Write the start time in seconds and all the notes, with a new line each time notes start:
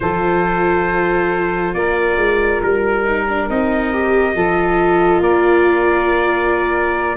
0.00 F3 F4 A4 C5
1.74 A#3 A#4 D5
2.16 G#3
2.62 G3 A#4
3.03 D#4
3.28 D4
3.49 C4 D#4 D#5
3.93 G4
4.34 F3 F4 A4
5.20 A#3 A#4 D5